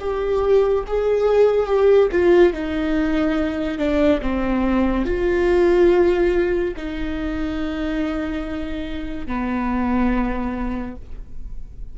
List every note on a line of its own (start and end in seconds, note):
0.00 0.85 G4
0.87 1.66 G#4
1.66 2.09 G4
2.12 2.53 F4
2.53 3.78 D#4
3.78 4.21 D4
4.21 5.06 C4
5.06 6.75 F4
6.77 9.27 D#4
9.27 10.96 B3